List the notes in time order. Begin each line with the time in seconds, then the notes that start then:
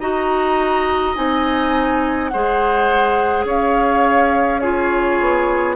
0.00 D#4 F#4 D#5 A#5
1.15 C4 D#4 G#5
2.28 G#4 C5 F#5
2.34 G#3
3.45 C#4 C#5 F5
4.60 F4 G#4 C#5
5.20 B3